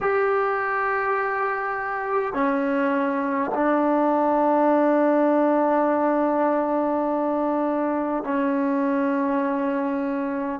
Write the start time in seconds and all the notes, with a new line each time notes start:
0.00 G4
2.33 C#4
3.54 D4
8.24 C#4